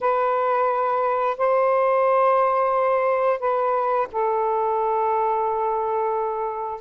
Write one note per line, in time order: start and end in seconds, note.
0.00 1.37 B4
1.37 3.39 C5
3.39 4.07 B4
4.12 6.80 A4